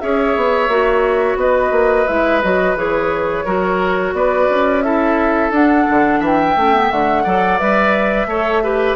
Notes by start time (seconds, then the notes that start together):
0.00 C#4 G#4 C#5 E5
0.36 B3
0.68 A#3 F#4
1.36 B3 B4 D#5
1.71 A#3
2.07 G#3 E4 E5
2.42 F#3 F#4 D#5
2.76 E3 G#4 C#5
3.45 F#3 F#4 A#4
4.13 B3 B4 D5
4.50 C#4
4.82 E4 A4 E5
5.51 D4 F#5
5.90 D3
6.20 E3 E5
6.26 G5
6.56 A3 C#4
6.74 B3
6.91 D3 A3 F#5
7.24 F#3 A4 D5
7.59 G3 B4 E5
8.26 A3 A4 C#5
8.63 G4 B4